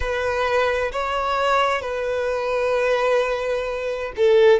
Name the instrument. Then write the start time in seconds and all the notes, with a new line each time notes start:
violin
0.00 B4
0.92 C#5
1.81 B4
4.16 A4